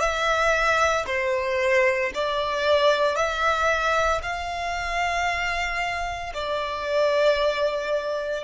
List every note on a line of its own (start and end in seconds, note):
0.00 1.05 E5
1.06 2.11 C5
2.14 3.16 D5
3.16 4.21 E5
4.22 6.33 F5
6.33 8.44 D5